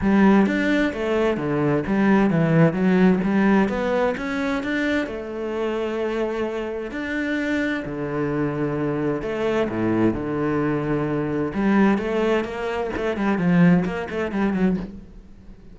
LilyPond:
\new Staff \with { instrumentName = "cello" } { \time 4/4 \tempo 4 = 130 g4 d'4 a4 d4 | g4 e4 fis4 g4 | b4 cis'4 d'4 a4~ | a2. d'4~ |
d'4 d2. | a4 a,4 d2~ | d4 g4 a4 ais4 | a8 g8 f4 ais8 a8 g8 fis8 | }